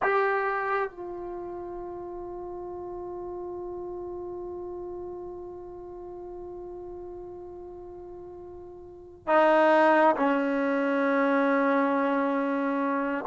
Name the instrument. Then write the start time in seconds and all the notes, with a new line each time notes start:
trombone
0.02 G4
0.90 F4
9.27 D#4
10.16 C#4